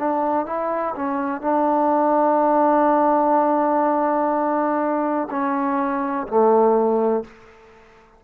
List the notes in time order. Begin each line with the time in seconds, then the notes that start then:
0.00 D4
0.46 E4
0.96 C#4
1.42 D4
5.30 C#4
6.28 A3